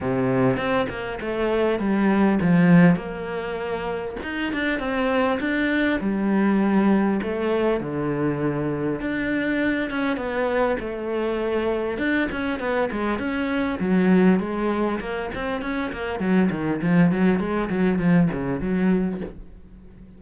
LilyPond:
\new Staff \with { instrumentName = "cello" } { \time 4/4 \tempo 4 = 100 c4 c'8 ais8 a4 g4 | f4 ais2 dis'8 d'8 | c'4 d'4 g2 | a4 d2 d'4~ |
d'8 cis'8 b4 a2 | d'8 cis'8 b8 gis8 cis'4 fis4 | gis4 ais8 c'8 cis'8 ais8 fis8 dis8 | f8 fis8 gis8 fis8 f8 cis8 fis4 | }